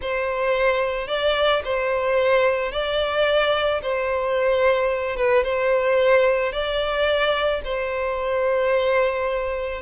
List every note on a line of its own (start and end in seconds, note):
0.01 1.07 C5
1.07 1.62 D5
1.64 2.71 C5
2.71 3.81 D5
3.82 5.16 C5
5.16 5.43 B4
5.43 6.52 C5
6.52 7.61 D5
7.64 9.81 C5